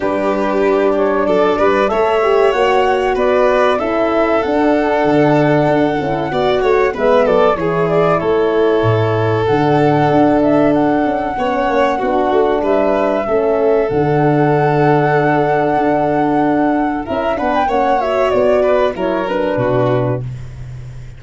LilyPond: <<
  \new Staff \with { instrumentName = "flute" } { \time 4/4 \tempo 4 = 95 b'4. cis''8 d''4 e''4 | fis''4 d''4 e''4 fis''4~ | fis''2. e''8 d''8 | cis''8 d''8 cis''2 fis''4~ |
fis''8 e''8 fis''2. | e''2 fis''2~ | fis''2. e''8 fis''16 g''16 | fis''8 e''8 d''4 cis''8 b'4. | }
  \new Staff \with { instrumentName = "violin" } { \time 4/4 g'2 a'8 b'8 cis''4~ | cis''4 b'4 a'2~ | a'2 d''8 cis''8 b'8 a'8 | gis'4 a'2.~ |
a'2 cis''4 fis'4 | b'4 a'2.~ | a'2. ais'8 b'8 | cis''4. b'8 ais'4 fis'4 | }
  \new Staff \with { instrumentName = "horn" } { \time 4/4 d'2. a'8 g'8 | fis'2 e'4 d'4~ | d'4. e'8 fis'4 b4 | e'2. d'4~ |
d'2 cis'4 d'4~ | d'4 cis'4 d'2~ | d'2. e'8 d'8 | cis'8 fis'4. e'8 d'4. | }
  \new Staff \with { instrumentName = "tuba" } { \time 4/4 g2 fis8 g8 a4 | ais4 b4 cis'4 d'4 | d4 d'8 cis'8 b8 a8 gis8 fis8 | e4 a4 a,4 d4 |
d'4. cis'8 b8 ais8 b8 a8 | g4 a4 d2~ | d4 d'2 cis'8 b8 | ais4 b4 fis4 b,4 | }
>>